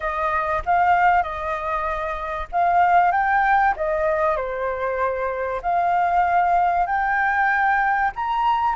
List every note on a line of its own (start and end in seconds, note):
0.00 0.62 D#5
0.65 1.22 F5
1.22 2.47 D#5
2.52 3.11 F5
3.11 3.74 G5
3.76 4.36 D#5
4.36 5.61 C5
5.61 6.86 F5
6.86 8.11 G5
8.15 8.75 A#5